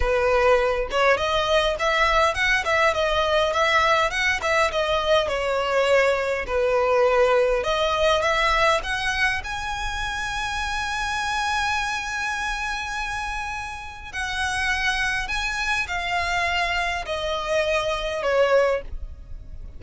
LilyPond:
\new Staff \with { instrumentName = "violin" } { \time 4/4 \tempo 4 = 102 b'4. cis''8 dis''4 e''4 | fis''8 e''8 dis''4 e''4 fis''8 e''8 | dis''4 cis''2 b'4~ | b'4 dis''4 e''4 fis''4 |
gis''1~ | gis''1 | fis''2 gis''4 f''4~ | f''4 dis''2 cis''4 | }